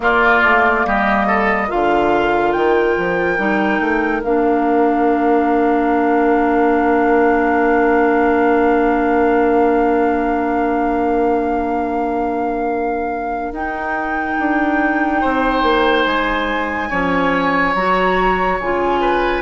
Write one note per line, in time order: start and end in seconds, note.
0.00 0.41 A#3
0.00 1.68 A#3
0.00 0.86 F4
0.00 0.86 D5
0.43 0.85 A3
0.85 1.70 G3
0.85 1.26 G4
0.85 1.70 D#5
1.26 1.68 A4
1.68 2.55 D3
1.68 3.37 F4
1.68 15.20 A#4
1.68 2.52 F5
2.52 2.97 D#3
2.52 4.21 G5
2.97 3.38 F3
3.37 3.79 G3
3.37 4.22 D#4
3.79 4.21 A3
4.23 13.52 A#3
4.23 13.53 D4
4.23 13.53 F5
13.52 14.36 D#4
13.52 16.90 D#4
13.52 16.04 G5
14.39 15.23 D4
15.20 15.62 C4
15.20 16.89 C5
15.62 16.05 A#3
16.04 16.90 G#3
16.04 17.73 G#5
16.89 17.74 F3
16.89 17.75 C#4
16.89 19.00 C#5
17.74 18.59 F#3
17.74 18.60 F#4
17.74 18.58 A#5
18.60 19.41 C#3
18.60 19.41 F4
18.60 19.41 G#5
19.00 19.41 B4